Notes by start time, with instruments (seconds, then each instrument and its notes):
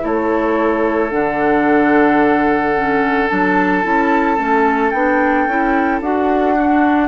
0.00 bassoon A3, clarinet E4, oboe A4, flute C#5
1.10 bassoon D3, clarinet D4, flute F#5
2.75 clarinet C#4
3.27 bassoon F#3, clarinet D4, flute A5
3.82 bassoon C#4, clarinet E4
4.37 bassoon A3, clarinet C#4
4.90 bassoon B3, clarinet D4, flute G5
5.46 bassoon C#4, clarinet E4
6.00 bassoon D4, clarinet F#4, flute F#5
6.55 clarinet D4, oboe F#4